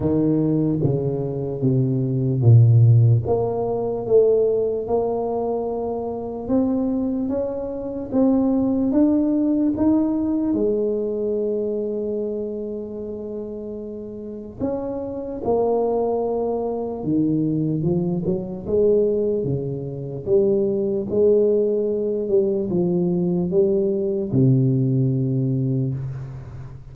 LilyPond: \new Staff \with { instrumentName = "tuba" } { \time 4/4 \tempo 4 = 74 dis4 cis4 c4 ais,4 | ais4 a4 ais2 | c'4 cis'4 c'4 d'4 | dis'4 gis2.~ |
gis2 cis'4 ais4~ | ais4 dis4 f8 fis8 gis4 | cis4 g4 gis4. g8 | f4 g4 c2 | }